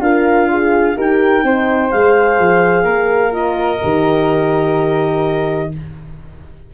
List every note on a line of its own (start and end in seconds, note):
0.00 0.95 D4
0.00 0.96 F4
0.00 0.50 A#4
0.00 0.98 F5
0.51 0.96 G#4
0.96 1.43 D#4
0.96 1.44 G4
0.96 1.45 A#4
0.96 1.91 G5
1.43 1.91 C4
1.43 1.92 D#4
1.43 2.84 C5
1.91 2.39 G#3
1.91 3.32 G#4
1.91 3.34 F5
2.39 2.84 F3
2.84 3.79 A#3
2.84 5.70 A#4
3.32 3.80 F4
3.32 5.72 D#5
3.82 5.74 D#3
3.82 5.72 G4